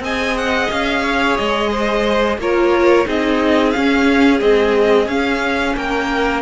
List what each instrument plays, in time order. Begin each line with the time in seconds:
0.00 cello C4, viola G#4, violin D#5 G#5
0.38 violin F#5
0.71 cello C#4, violin F5
1.03 violin C#5
1.37 cello G#3, violin D#5
1.71 violin C5
2.38 cello A#3, viola F4, violin A#4 C#5
3.06 cello C4, viola D#4, violin G#4 D#5
3.71 viola C#4, cello C#4, violin F5
4.40 viola G#3, cello C4, violin D#5
5.08 cello C#4, viola C#4, violin F5
5.77 cello A#3, violin A#4 G5